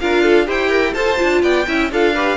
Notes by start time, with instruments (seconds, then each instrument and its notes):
0.00 cello D4, viola F4, violin A#4 F5
0.23 violin A4
0.46 cello E4, violin G4 G5, viola C5
0.70 viola A#4
0.94 cello F4, viola A4, violin C5 A5
1.17 cello D4, viola F4
1.42 cello B3, violin D5 G5
1.67 cello C#4, viola E4, violin E5
1.92 cello D4, viola F4, violin A4 F5
2.15 viola G4, violin B4